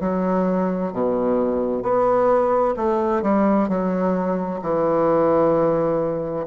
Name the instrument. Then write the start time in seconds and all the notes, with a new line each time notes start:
bassoon
0.00 F#3
0.92 B2
1.82 B3
2.76 A3
3.22 G3
3.68 F#3
4.62 E3